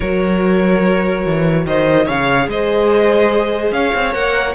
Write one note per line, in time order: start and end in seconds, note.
0.00 1.25 F#3
0.00 2.06 F#4
0.00 1.65 A#4
0.00 1.66 C#5
1.25 1.65 E3
1.65 2.07 D#3
1.65 2.05 C5
1.65 2.07 D#5
2.05 2.47 C#3
2.05 4.11 G#4
2.05 2.47 C#5
2.05 2.48 F5
2.47 3.71 G#3
2.47 3.74 C5
2.47 3.72 D#5
3.71 3.92 C#4
3.71 4.55 C#5
3.71 4.13 F5
3.94 4.14 C4
4.11 4.55 A#3
4.11 4.52 A#4
4.11 4.54 F#5